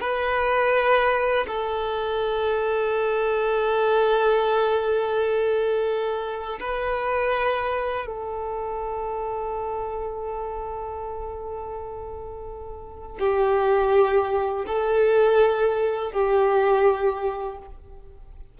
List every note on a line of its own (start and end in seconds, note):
0.00 1.46 B4
1.47 6.59 A4
6.60 8.06 B4
8.06 13.18 A4
13.19 14.65 G4
14.66 16.12 A4
16.12 17.58 G4